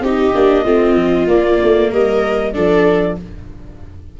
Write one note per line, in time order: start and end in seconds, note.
0.00 0.32 C4
0.00 0.34 D#4
0.00 0.64 G4
0.07 1.28 D#5
0.34 0.65 A#3
0.34 0.66 D4
0.64 0.95 A3
0.64 1.28 C4
0.64 1.90 F4
0.95 1.26 F3
1.28 1.59 A#3
1.28 2.54 A#3
1.28 1.91 D5
1.63 1.92 A3
1.91 2.56 G3
1.91 2.54 A#4
1.91 2.53 D#5
2.53 3.20 F3
2.53 3.17 D4
2.53 3.18 A4
2.53 3.16 D5